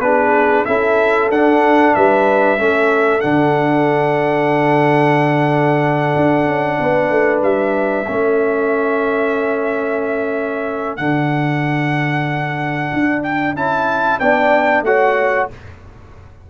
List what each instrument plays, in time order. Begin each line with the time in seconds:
0.00 tuba B3, trombone D4, horn G#4, trumpet B4
0.65 tuba C#4, trombone E4, horn A4, trumpet E5
1.30 tuba D4, trombone D4, trumpet F#5
1.95 tuba G3, horn B4, trumpet E5
2.58 tuba A3, trombone C#4, horn A4
3.21 tuba D3, trombone D4, trumpet F#5
6.16 tuba D4
6.47 tuba C#4
6.80 tuba B3, horn B4
7.11 tuba A3
7.43 tuba G3, trumpet E5
8.08 tuba A3, trombone C#4, horn A4
10.97 tuba D3, trombone D4, trumpet F#5
12.94 tuba D4
13.23 trumpet G5
13.56 tuba C#4, trombone E4, trumpet A5
14.20 tuba B3, trombone D4, horn D5, trumpet G5
14.82 tuba A3, trombone F#4, horn C#5, trumpet F#5